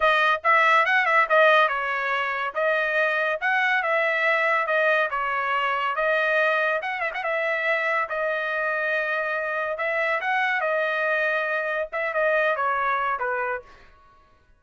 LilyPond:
\new Staff \with { instrumentName = "trumpet" } { \time 4/4 \tempo 4 = 141 dis''4 e''4 fis''8 e''8 dis''4 | cis''2 dis''2 | fis''4 e''2 dis''4 | cis''2 dis''2 |
fis''8 e''16 fis''16 e''2 dis''4~ | dis''2. e''4 | fis''4 dis''2. | e''8 dis''4 cis''4. b'4 | }